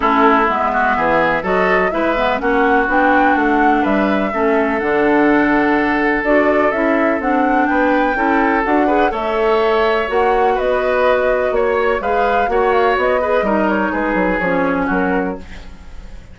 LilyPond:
<<
  \new Staff \with { instrumentName = "flute" } { \time 4/4 \tempo 4 = 125 a'4 e''2 dis''4 | e''4 fis''4 g''4 fis''4 | e''2 fis''2~ | fis''4 d''4 e''4 fis''4 |
g''2 fis''4 e''4~ | e''4 fis''4 dis''2 | cis''4 f''4 fis''8 f''8 dis''4~ | dis''8 cis''8 b'4 cis''4 ais'4 | }
  \new Staff \with { instrumentName = "oboe" } { \time 4/4 e'4. fis'8 gis'4 a'4 | b'4 fis'2. | b'4 a'2.~ | a'1 |
b'4 a'4. b'8 cis''4~ | cis''2 b'2 | cis''4 b'4 cis''4. b'8 | ais'4 gis'2 fis'4 | }
  \new Staff \with { instrumentName = "clarinet" } { \time 4/4 cis'4 b2 fis'4 | e'8 b8 cis'4 d'2~ | d'4 cis'4 d'2~ | d'4 fis'4 e'4 d'4~ |
d'4 e'4 fis'8 gis'8 a'4~ | a'4 fis'2.~ | fis'4 gis'4 fis'4. gis'8 | dis'2 cis'2 | }
  \new Staff \with { instrumentName = "bassoon" } { \time 4/4 a4 gis4 e4 fis4 | gis4 ais4 b4 a4 | g4 a4 d2~ | d4 d'4 cis'4 c'4 |
b4 cis'4 d'4 a4~ | a4 ais4 b2 | ais4 gis4 ais4 b4 | g4 gis8 fis8 f4 fis4 | }
>>